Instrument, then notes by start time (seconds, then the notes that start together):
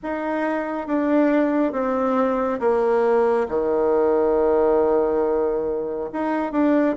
bassoon
0.02 D#4
0.87 D4
1.72 C4
2.60 A#3
3.49 D#3
6.12 D#4
6.52 D4